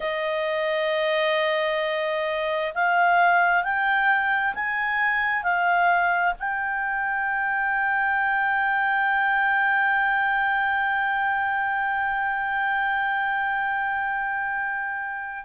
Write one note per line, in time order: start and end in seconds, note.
0.00 2.73 D#5
2.74 3.63 F5
3.63 4.54 G5
4.55 5.43 G#5
5.43 6.33 F5
6.39 15.45 G5